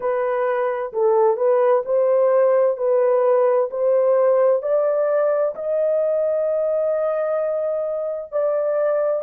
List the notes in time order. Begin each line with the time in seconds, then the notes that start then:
0.00 B4
0.92 A4
1.36 B4
1.85 C5
2.77 B4
3.70 C5
4.62 D5
5.55 D#5
8.32 D5